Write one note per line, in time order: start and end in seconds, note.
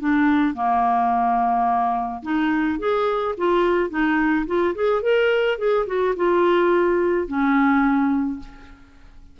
0.00 0.55 D4
0.55 2.23 A#3
2.23 2.79 D#4
2.79 3.35 G#4
3.38 3.90 F4
3.90 4.46 D#4
4.47 4.75 F4
4.76 5.02 G#4
5.02 5.58 A#4
5.58 5.86 G#4
5.87 6.15 F#4
6.16 7.28 F4
7.28 8.40 C#4